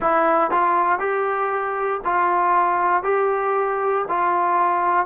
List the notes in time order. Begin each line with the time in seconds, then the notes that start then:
0.00 E4
0.50 F4
0.99 G4
2.04 F4
3.03 G4
4.08 F4